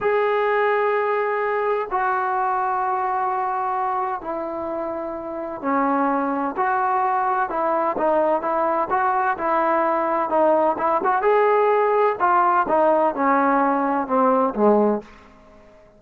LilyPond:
\new Staff \with { instrumentName = "trombone" } { \time 4/4 \tempo 4 = 128 gis'1 | fis'1~ | fis'4 e'2. | cis'2 fis'2 |
e'4 dis'4 e'4 fis'4 | e'2 dis'4 e'8 fis'8 | gis'2 f'4 dis'4 | cis'2 c'4 gis4 | }